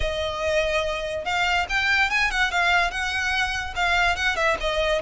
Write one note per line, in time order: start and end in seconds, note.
0.00 1.24 D#5
1.24 1.66 F5
1.69 2.09 G5
2.09 2.30 G#5
2.30 2.51 F#5
2.51 2.90 F5
2.90 3.74 F#5
3.75 4.16 F5
4.16 4.36 F#5
4.36 4.56 E5
4.60 5.02 D#5